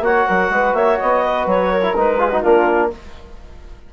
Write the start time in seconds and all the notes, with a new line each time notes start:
0.00 A#3 F#4 C#5 F#5
0.27 F#3 A#4
0.49 G#3 B4
0.73 A#3 C#5 E5
0.99 B3 D#5
1.25 B4
1.46 F#3 C#5
1.72 A#4
1.81 E4
1.96 G#3 D#4 B4
2.18 F4 G#4
2.28 D#4 F#4
2.41 A#3 D4 F4 A#4